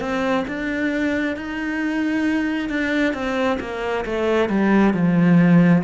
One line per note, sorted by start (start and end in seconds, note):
0.00 0.45 C4
0.47 1.36 D4
1.36 2.69 D#4
2.69 3.13 D4
3.13 3.58 C4
3.60 4.05 A#3
4.05 4.49 A3
4.49 4.93 G3
4.93 5.83 F3